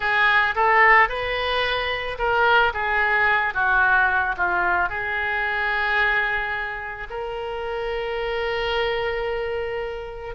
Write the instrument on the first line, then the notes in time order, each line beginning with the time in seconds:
oboe
0.00 G#4
0.55 A4
1.09 B4
2.18 A#4
2.73 G#4
3.54 F#4
4.37 F4
4.89 G#4
7.10 A#4